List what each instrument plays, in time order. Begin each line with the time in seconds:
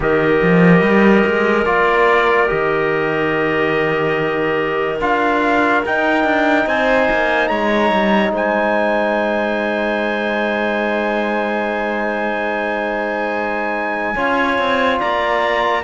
0.00 cello D#3, trombone G4, clarinet A#4, trumpet D#5
0.42 cello F3
0.81 cello G3
1.26 cello G#3
1.65 cello A#3, trombone F4, trumpet D5
2.47 cello D#3, trombone G4, trumpet D#5
5.00 cello D4, trombone F4, trumpet F5
5.84 trombone D#4, cello D#4, trumpet G5
6.24 cello D4
6.66 cello C4, clarinet C5, trumpet G#5
7.11 cello A#3
7.47 cello G#3, clarinet C#5, trumpet A#5
7.92 cello G3
8.31 cello G#3, clarinet C5, trumpet G#5
14.16 cello C#4, trombone F4, clarinet C#5
14.58 cello C4
14.99 cello A#3, clarinet D5, trumpet A#5